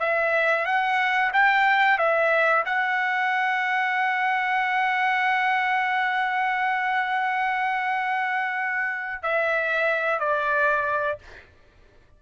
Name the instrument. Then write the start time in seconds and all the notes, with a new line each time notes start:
trumpet
0.00 E5
0.66 F#5
1.33 G5
1.98 E5
2.66 F#5
9.23 E5
10.20 D5